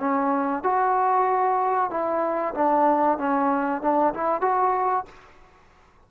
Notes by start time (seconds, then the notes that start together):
0.00 C#4
0.64 F#4
1.91 E4
2.55 D4
3.19 C#4
3.82 D4
4.14 E4
4.42 F#4